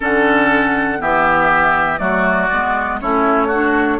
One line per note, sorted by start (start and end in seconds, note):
0.00 1.00 D3
0.00 0.99 C#4
0.00 0.97 A4
0.00 1.01 F#5
0.99 1.99 E3
0.99 1.97 B3
0.99 2.00 G4
0.99 1.98 E5
1.97 2.49 F#3
1.97 2.48 A3
1.97 3.00 F#4
1.97 2.98 D5
2.51 3.01 G#3
2.51 3.01 B3
3.00 3.99 A3
3.00 3.51 C#4
3.00 3.47 E4
3.00 3.99 C#5
3.47 3.99 D4
3.47 3.97 F#4